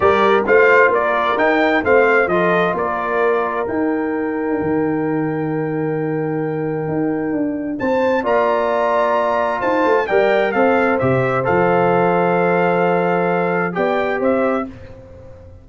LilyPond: <<
  \new Staff \with { instrumentName = "trumpet" } { \time 4/4 \tempo 4 = 131 d''4 f''4 d''4 g''4 | f''4 dis''4 d''2 | g''1~ | g''1~ |
g''4 a''4 ais''2~ | ais''4 a''4 g''4 f''4 | e''4 f''2.~ | f''2 g''4 e''4 | }
  \new Staff \with { instrumentName = "horn" } { \time 4/4 ais'4 c''4 ais'2 | c''4 a'4 ais'2~ | ais'1~ | ais'1~ |
ais'4 c''4 d''2~ | d''4 c''4 d''4 c''4~ | c''1~ | c''2 d''4 c''4 | }
  \new Staff \with { instrumentName = "trombone" } { \time 4/4 g'4 f'2 dis'4 | c'4 f'2. | dis'1~ | dis'1~ |
dis'2 f'2~ | f'2 ais'4 a'4 | g'4 a'2.~ | a'2 g'2 | }
  \new Staff \with { instrumentName = "tuba" } { \time 4/4 g4 a4 ais4 dis'4 | a4 f4 ais2 | dis'2 dis2~ | dis2. dis'4 |
d'4 c'4 ais2~ | ais4 dis'8 a8 g4 c'4 | c4 f2.~ | f2 b4 c'4 | }
>>